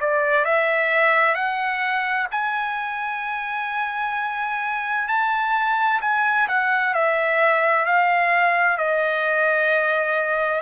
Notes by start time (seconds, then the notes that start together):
0.00 D5
0.44 E5
1.35 F#5
2.31 G#5
5.08 A5
6.01 G#5
6.48 F#5
6.94 E5
7.85 F5
8.77 D#5